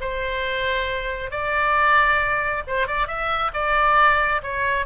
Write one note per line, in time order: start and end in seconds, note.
0.00 1.30 C5
1.30 2.63 D5
2.67 2.87 C5
2.87 3.07 D5
3.07 3.51 E5
3.53 4.41 D5
4.42 4.85 C#5